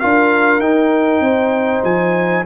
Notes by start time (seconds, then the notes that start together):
0.00 D4 F4 A#4 F5
0.59 D#4 G5
1.20 C4 C5
1.84 F3 G#5